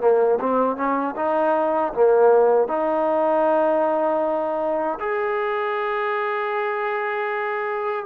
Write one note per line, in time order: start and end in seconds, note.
0.00 0.38 A#3
0.40 0.76 C4
0.76 1.15 C#4
1.16 1.93 D#4
1.94 2.68 A#3
2.68 4.99 D#4
5.00 8.06 G#4